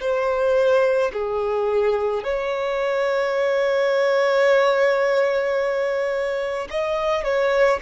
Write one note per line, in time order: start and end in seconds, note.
0.00 1.11 C5
1.13 2.23 G#4
2.23 6.68 C#5
6.70 7.24 D#5
7.24 7.79 C#5